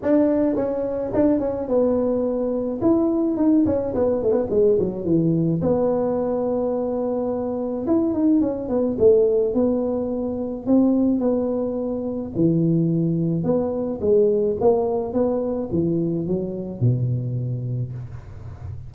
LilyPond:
\new Staff \with { instrumentName = "tuba" } { \time 4/4 \tempo 4 = 107 d'4 cis'4 d'8 cis'8 b4~ | b4 e'4 dis'8 cis'8 b8 a16 b16 | gis8 fis8 e4 b2~ | b2 e'8 dis'8 cis'8 b8 |
a4 b2 c'4 | b2 e2 | b4 gis4 ais4 b4 | e4 fis4 b,2 | }